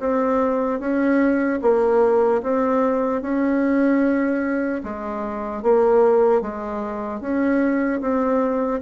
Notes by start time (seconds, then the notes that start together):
0.00 C4
0.80 C#4
1.62 A#3
2.43 C4
3.22 C#4
4.84 G#3
5.63 A#3
6.42 G#3
7.21 C#4
8.01 C4